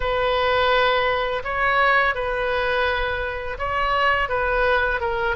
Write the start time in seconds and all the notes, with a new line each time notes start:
0.00 B4
1.44 C#5
2.14 B4
3.58 C#5
4.29 B4
5.00 A#4